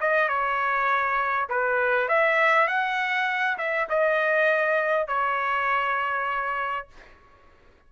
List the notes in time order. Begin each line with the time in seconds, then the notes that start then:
0.00 D#5
0.28 C#5
1.49 B4
2.08 E5
2.68 F#5
3.58 E5
3.89 D#5
5.07 C#5